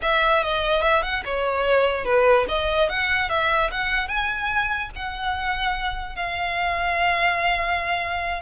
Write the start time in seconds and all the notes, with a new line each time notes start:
0.01 E5
0.43 D#5
0.82 E5
1.02 F#5
1.24 C#5
2.04 B4
2.48 D#5
2.89 F#5
3.29 E5
3.71 F#5
4.08 G#5
4.95 F#5
6.15 F5